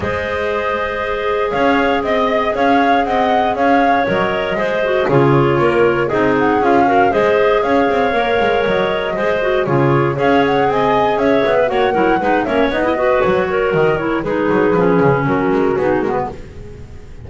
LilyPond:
<<
  \new Staff \with { instrumentName = "flute" } { \time 4/4 \tempo 4 = 118 dis''2. f''4 | dis''4 f''4 fis''4 f''4 | dis''2 cis''2 | dis''8 fis''8 f''4 dis''4 f''4~ |
f''4 dis''2 cis''4 | f''8 fis''8 gis''4 e''4 fis''4~ | fis''8 e''8 dis''4 cis''4 dis''8 cis''8 | b'2 ais'4 gis'8 ais'16 b'16 | }
  \new Staff \with { instrumentName = "clarinet" } { \time 4/4 c''2. cis''4 | dis''4 cis''4 dis''4 cis''4~ | cis''4 c''4 gis'4 ais'4 | gis'4. ais'8 c''4 cis''4~ |
cis''2 c''4 gis'4 | cis''4 dis''4 cis''8. b'16 cis''8 ais'8 | b'8 cis''8. dis''16 b'4 ais'4. | gis'2 fis'2 | }
  \new Staff \with { instrumentName = "clarinet" } { \time 4/4 gis'1~ | gis'1 | ais'4 gis'8 fis'8 f'2 | dis'4 f'8 fis'8 gis'2 |
ais'2 gis'8 fis'8 f'4 | gis'2. fis'8 e'8 | dis'8 cis'8 dis'16 e'16 fis'2 e'8 | dis'4 cis'2 dis'8 b8 | }
  \new Staff \with { instrumentName = "double bass" } { \time 4/4 gis2. cis'4 | c'4 cis'4 c'4 cis'4 | fis4 gis4 cis4 ais4 | c'4 cis'4 gis4 cis'8 c'8 |
ais8 gis8 fis4 gis4 cis4 | cis'4 c'4 cis'8 b8 ais8 fis8 | gis8 ais8 b4 fis4 dis4 | gis8 fis8 f8 cis8 fis8 gis8 b8 gis8 | }
>>